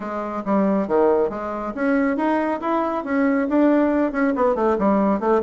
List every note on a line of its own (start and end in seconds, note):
0.00 0.43 G#3
0.45 0.87 G3
0.87 1.29 D#3
1.29 1.73 G#3
1.75 2.16 C#4
2.16 2.60 D#4
2.60 3.04 E4
3.04 3.47 C#4
3.49 4.11 D4
4.11 4.33 C#4
4.35 4.55 B3
4.55 4.77 A3
4.78 5.20 G3
5.20 5.41 A3